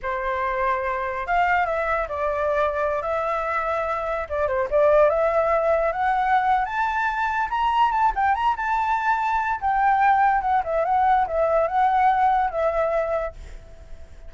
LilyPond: \new Staff \with { instrumentName = "flute" } { \time 4/4 \tempo 4 = 144 c''2. f''4 | e''4 d''2~ d''16 e''8.~ | e''2~ e''16 d''8 c''8 d''8.~ | d''16 e''2 fis''4.~ fis''16 |
a''2 ais''4 a''8 g''8 | ais''8 a''2~ a''8 g''4~ | g''4 fis''8 e''8 fis''4 e''4 | fis''2 e''2 | }